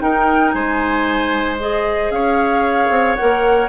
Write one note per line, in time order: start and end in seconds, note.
0.00 1.58 D#4
0.00 0.54 D#4
0.00 0.55 A#4
0.00 0.52 G5
0.52 2.10 G#3
0.52 2.13 C5
0.52 1.57 G#5
1.60 3.18 G#4
1.60 2.12 D#5
2.10 2.89 C#4
2.10 3.69 C#5
2.10 3.16 F5
2.90 3.16 C4
3.16 3.69 A#4
3.16 3.68 F#5
3.22 3.69 A#3